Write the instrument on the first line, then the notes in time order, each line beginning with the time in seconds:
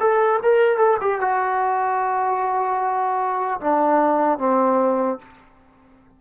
trombone
0.00 A4
0.43 A#4
0.77 A4
1.01 G4
1.21 F#4
3.61 D4
4.39 C4